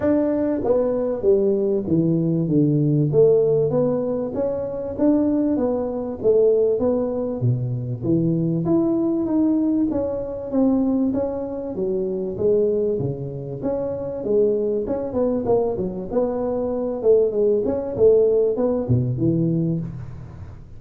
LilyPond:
\new Staff \with { instrumentName = "tuba" } { \time 4/4 \tempo 4 = 97 d'4 b4 g4 e4 | d4 a4 b4 cis'4 | d'4 b4 a4 b4 | b,4 e4 e'4 dis'4 |
cis'4 c'4 cis'4 fis4 | gis4 cis4 cis'4 gis4 | cis'8 b8 ais8 fis8 b4. a8 | gis8 cis'8 a4 b8 b,8 e4 | }